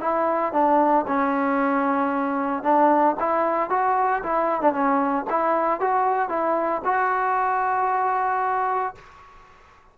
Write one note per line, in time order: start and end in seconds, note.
0.00 0.53 E4
0.53 1.05 D4
1.07 2.63 C#4
2.63 3.16 D4
3.20 3.70 E4
3.70 4.22 F#4
4.23 4.61 E4
4.61 4.72 D4
4.72 5.25 C#4
5.30 5.80 E4
5.80 6.29 F#4
6.29 6.82 E4
6.84 8.95 F#4